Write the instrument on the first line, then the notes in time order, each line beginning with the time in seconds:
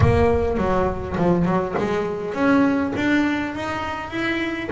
double bass
0.00 A#3
0.57 F#3
1.17 F3
1.45 F#3
1.78 G#3
2.33 C#4
2.96 D4
3.55 D#4
4.10 E4